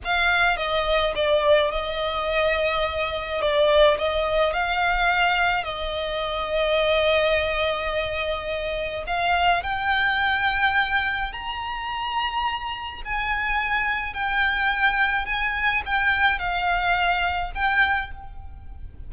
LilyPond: \new Staff \with { instrumentName = "violin" } { \time 4/4 \tempo 4 = 106 f''4 dis''4 d''4 dis''4~ | dis''2 d''4 dis''4 | f''2 dis''2~ | dis''1 |
f''4 g''2. | ais''2. gis''4~ | gis''4 g''2 gis''4 | g''4 f''2 g''4 | }